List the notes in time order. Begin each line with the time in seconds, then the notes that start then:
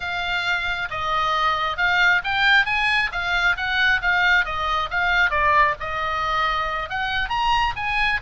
0.00 F5
0.90 D#5
1.77 F5
2.23 G5
2.65 G#5
3.12 F5
3.56 F#5
4.01 F5
4.45 D#5
4.90 F5
5.30 D5
5.80 D#5
6.89 F#5
7.29 A#5
7.76 G#5